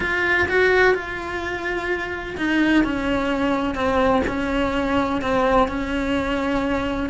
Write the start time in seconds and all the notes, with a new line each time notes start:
0.00 F4
0.48 F#4
0.94 F4
2.37 D#4
2.84 C#4
3.74 C4
4.27 C#4
5.21 C4
5.68 C#4